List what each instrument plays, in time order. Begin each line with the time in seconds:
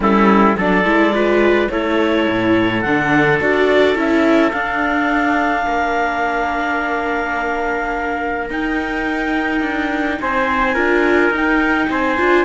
0.00 cello G3, viola C#4, trumpet E4, clarinet A4
0.57 cello F#3, viola D4, trumpet A4, clarinet D5
0.83 cello G#3, viola E4
1.13 viola F4, trumpet B4
1.70 cello A3, viola E4, trumpet A4, clarinet C#5
2.29 cello A2
2.81 cello D3, viola D4, clarinet F#5
3.40 cello D4, viola F#4, clarinet D5
3.95 cello C#4, viola E4, clarinet E5
4.51 cello D4, viola D4, clarinet F5
5.65 cello A#3, trumpet A#4
8.49 cello D#4, viola D#4, clarinet G5
9.61 cello D4
10.20 cello C4, trumpet C5, clarinet G#5
10.74 cello D4, viola F4, trumpet A#4
11.30 cello D#4, viola D#4, clarinet G5
11.89 cello C4, trumpet C5, clarinet G#5
12.18 cello D4, viola F4